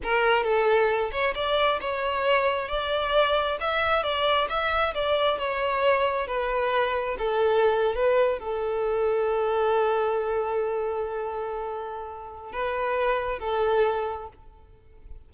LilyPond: \new Staff \with { instrumentName = "violin" } { \time 4/4 \tempo 4 = 134 ais'4 a'4. cis''8 d''4 | cis''2 d''2 | e''4 d''4 e''4 d''4 | cis''2 b'2 |
a'4.~ a'16 b'4 a'4~ a'16~ | a'1~ | a'1 | b'2 a'2 | }